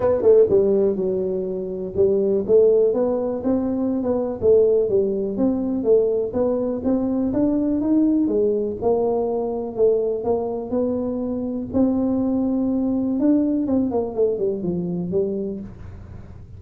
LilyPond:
\new Staff \with { instrumentName = "tuba" } { \time 4/4 \tempo 4 = 123 b8 a8 g4 fis2 | g4 a4 b4 c'4~ | c'16 b8. a4 g4 c'4 | a4 b4 c'4 d'4 |
dis'4 gis4 ais2 | a4 ais4 b2 | c'2. d'4 | c'8 ais8 a8 g8 f4 g4 | }